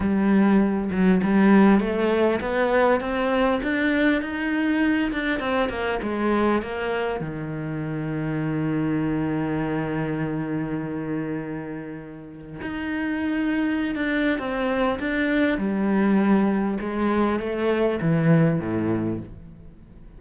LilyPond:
\new Staff \with { instrumentName = "cello" } { \time 4/4 \tempo 4 = 100 g4. fis8 g4 a4 | b4 c'4 d'4 dis'4~ | dis'8 d'8 c'8 ais8 gis4 ais4 | dis1~ |
dis1~ | dis4 dis'2~ dis'16 d'8. | c'4 d'4 g2 | gis4 a4 e4 a,4 | }